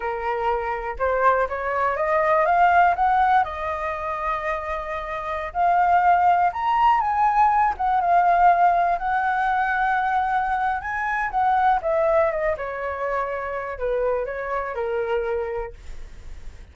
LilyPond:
\new Staff \with { instrumentName = "flute" } { \time 4/4 \tempo 4 = 122 ais'2 c''4 cis''4 | dis''4 f''4 fis''4 dis''4~ | dis''2.~ dis''16 f''8.~ | f''4~ f''16 ais''4 gis''4. fis''16~ |
fis''16 f''2 fis''4.~ fis''16~ | fis''2 gis''4 fis''4 | e''4 dis''8 cis''2~ cis''8 | b'4 cis''4 ais'2 | }